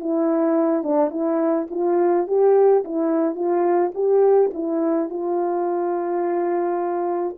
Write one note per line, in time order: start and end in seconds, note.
0.00 0.83 E4
0.83 1.10 D4
1.10 1.67 E4
1.70 2.27 F4
2.27 2.84 G4
2.84 3.35 E4
3.35 3.92 F4
3.94 4.51 G4
4.53 5.09 E4
5.09 7.36 F4